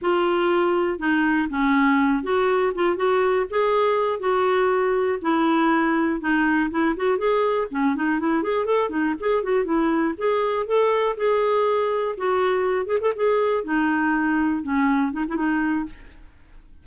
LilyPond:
\new Staff \with { instrumentName = "clarinet" } { \time 4/4 \tempo 4 = 121 f'2 dis'4 cis'4~ | cis'8 fis'4 f'8 fis'4 gis'4~ | gis'8 fis'2 e'4.~ | e'8 dis'4 e'8 fis'8 gis'4 cis'8 |
dis'8 e'8 gis'8 a'8 dis'8 gis'8 fis'8 e'8~ | e'8 gis'4 a'4 gis'4.~ | gis'8 fis'4. gis'16 a'16 gis'4 dis'8~ | dis'4. cis'4 dis'16 e'16 dis'4 | }